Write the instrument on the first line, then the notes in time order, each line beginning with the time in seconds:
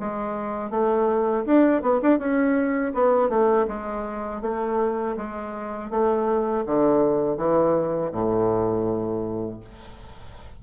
bassoon
0.00 G#3
0.70 A3
1.46 D4
1.82 B3
2.02 D4
2.19 C#4
2.94 B3
3.29 A3
3.68 G#3
4.42 A3
5.17 G#3
5.91 A3
6.66 D3
7.37 E3
8.12 A2